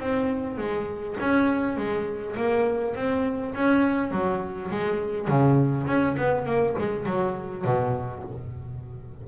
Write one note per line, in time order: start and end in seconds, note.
0.00 0.58 C4
0.58 1.17 G#3
1.20 1.77 C#4
1.77 2.36 G#3
2.37 2.95 A#3
2.95 3.54 C4
3.55 4.11 C#4
4.11 4.70 F#3
4.71 5.28 G#3
5.28 5.87 C#3
5.87 6.16 C#4
6.17 6.46 B3
6.46 6.75 A#3
6.78 7.06 G#3
7.06 7.65 F#3
7.65 8.24 B2